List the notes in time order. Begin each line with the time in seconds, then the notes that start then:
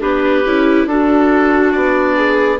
0.00 B3 D4 G4 B4
0.45 C#4 E4
0.86 D4 F#4 A4
1.72 B3 D5
2.16 G#4